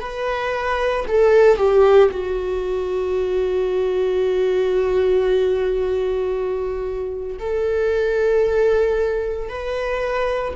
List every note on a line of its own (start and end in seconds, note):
0.00 1.05 B4
1.08 1.57 A4
1.57 2.10 G4
2.11 7.37 F#4
7.39 9.49 A4
9.49 10.54 B4